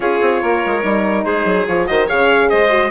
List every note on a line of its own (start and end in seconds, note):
0.00 0.19 C#4
0.00 0.82 F4
0.00 0.42 G#4
0.00 1.24 C#5
0.21 0.42 C4
0.42 0.63 A#3
0.42 1.23 A#4
0.65 0.83 G#3
0.82 1.25 G3
0.82 1.65 D#4
1.23 1.44 G#3
1.23 1.86 G#4
1.23 1.66 C5
1.44 1.65 F#3
1.67 1.88 F3
1.67 1.86 F4
1.67 1.87 C#5
1.86 2.10 D#3
1.86 2.07 F#4
1.86 2.07 C5
1.86 2.07 D#5
2.07 2.52 C#3
2.07 2.70 G#4
2.07 2.48 C#5
2.07 2.49 F5
2.49 2.91 G#3
2.49 2.90 C5
2.49 2.91 D#5
2.70 2.91 F#4